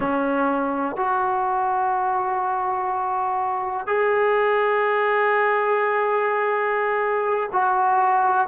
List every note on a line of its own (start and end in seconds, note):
0.00 0.96 C#4
0.96 3.87 F#4
3.87 7.50 G#4
7.52 8.47 F#4